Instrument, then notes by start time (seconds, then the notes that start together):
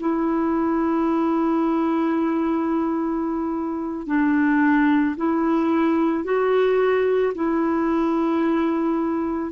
clarinet
0.00 E4
4.07 D4
5.17 E4
6.24 F#4
7.35 E4